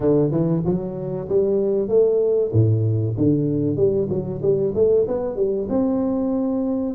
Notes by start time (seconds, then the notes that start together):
0.00 D3
0.31 E3
0.65 F#3
1.28 G3
1.88 A3
2.52 A2
3.17 D3
3.76 G3
4.09 F#3
4.42 G3
4.74 A3
5.07 B3
5.36 G3
5.69 C4